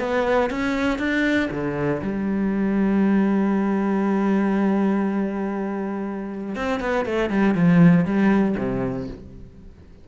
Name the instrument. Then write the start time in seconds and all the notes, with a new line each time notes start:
cello
0.00 B3
0.51 C#4
0.99 D4
1.52 D3
2.02 G3
6.56 C4
6.80 B3
7.06 A3
7.30 G3
7.55 F3
8.06 G3
8.58 C3